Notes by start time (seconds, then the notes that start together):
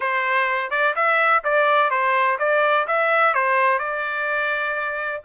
0.00 C5
0.70 D5
0.95 E5
1.44 D5
1.90 C5
2.39 D5
2.87 E5
3.34 C5
3.79 D5